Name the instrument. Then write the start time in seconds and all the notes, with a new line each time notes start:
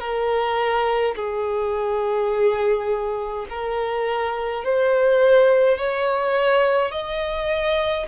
violin
0.00 A#4
1.15 G#4
3.49 A#4
4.64 C5
5.78 C#5
6.91 D#5